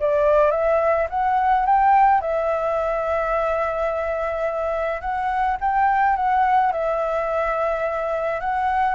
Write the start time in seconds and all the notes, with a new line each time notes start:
0.00 D5
0.51 E5
1.10 F#5
1.66 G5
2.21 E5
5.01 F#5
5.61 G5
6.16 F#5
6.72 E5
8.40 F#5